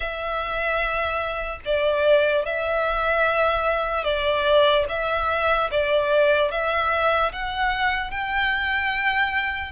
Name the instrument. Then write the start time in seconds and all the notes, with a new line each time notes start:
violin
0.00 E5
1.65 D5
2.45 E5
4.04 D5
4.89 E5
5.71 D5
6.51 E5
7.32 F#5
8.10 G5